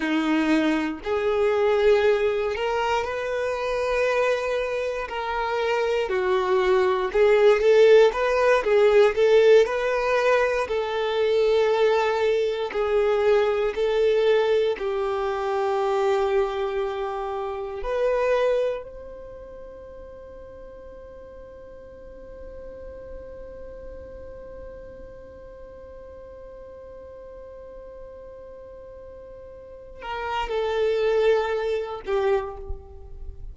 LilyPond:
\new Staff \with { instrumentName = "violin" } { \time 4/4 \tempo 4 = 59 dis'4 gis'4. ais'8 b'4~ | b'4 ais'4 fis'4 gis'8 a'8 | b'8 gis'8 a'8 b'4 a'4.~ | a'8 gis'4 a'4 g'4.~ |
g'4. b'4 c''4.~ | c''1~ | c''1~ | c''4. ais'8 a'4. g'8 | }